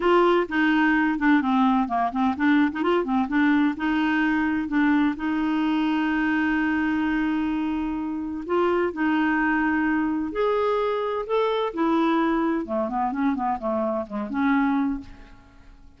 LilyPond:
\new Staff \with { instrumentName = "clarinet" } { \time 4/4 \tempo 4 = 128 f'4 dis'4. d'8 c'4 | ais8 c'8 d'8. dis'16 f'8 c'8 d'4 | dis'2 d'4 dis'4~ | dis'1~ |
dis'2 f'4 dis'4~ | dis'2 gis'2 | a'4 e'2 a8 b8 | cis'8 b8 a4 gis8 cis'4. | }